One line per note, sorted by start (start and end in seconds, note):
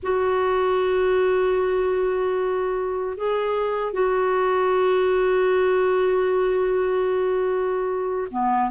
0.02 3.17 F#4
3.17 3.93 G#4
3.93 8.27 F#4
8.31 8.70 B3